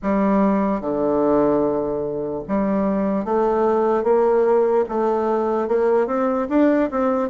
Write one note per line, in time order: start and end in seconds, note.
0.02 0.81 G3
0.81 2.43 D3
2.47 3.24 G3
3.24 4.03 A3
4.03 4.84 A#3
4.89 5.68 A3
5.68 6.07 A#3
6.07 6.47 C4
6.49 6.90 D4
6.91 7.29 C4